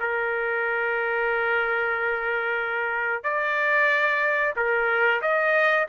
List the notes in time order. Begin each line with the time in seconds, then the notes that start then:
0.00 A#4
3.24 D5
4.56 A#4
5.22 D#5